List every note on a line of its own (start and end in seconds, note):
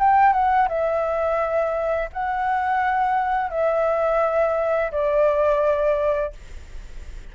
0.00 0.33 G5
0.33 0.69 F#5
0.69 2.10 E5
2.13 3.50 F#5
3.50 4.92 E5
4.92 6.33 D5